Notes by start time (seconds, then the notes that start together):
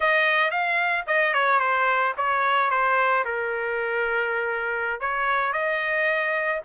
0.00 D#5
0.50 F5
1.07 D#5
1.33 C#5
1.59 C5
2.17 C#5
2.70 C5
3.24 A#4
5.00 C#5
5.53 D#5